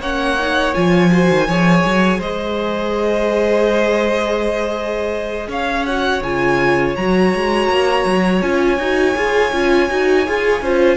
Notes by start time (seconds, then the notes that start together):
0.00 A#3 C#4 C#5 F#5
0.39 D#4
0.74 F3 F4 G#5
1.11 F#4 C5
1.30 D#3
1.47 F3 G#4 C#5
1.85 F#3
2.18 G#3 C5 D#5
5.48 C#4 C#5 F5
5.86 F#4 F#5
6.23 C#3 F4 G#5
6.96 F#3 F#4 A#5
7.35 G#3
7.68 A#3
8.05 F#3
8.42 C#4 F4 G#5
8.78 D#4 F#4
9.15 F4 G#4
9.52 C#4 F4
9.90 D#4 F#4
10.26 F4 G#4
10.61 C#4 F4 C5